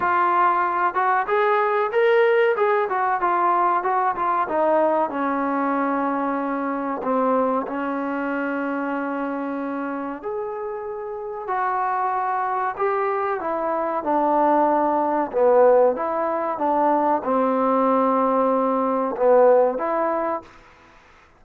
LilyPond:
\new Staff \with { instrumentName = "trombone" } { \time 4/4 \tempo 4 = 94 f'4. fis'8 gis'4 ais'4 | gis'8 fis'8 f'4 fis'8 f'8 dis'4 | cis'2. c'4 | cis'1 |
gis'2 fis'2 | g'4 e'4 d'2 | b4 e'4 d'4 c'4~ | c'2 b4 e'4 | }